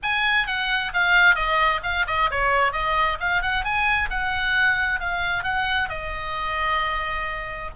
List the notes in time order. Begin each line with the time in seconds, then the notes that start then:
0.02 G#5
0.46 F#5
0.93 F5
1.35 D#5
1.83 F5
2.07 D#5
2.31 C#5
2.72 D#5
3.20 F5
3.42 F#5
3.64 G#5
4.10 F#5
5.00 F5
5.43 F#5
5.89 D#5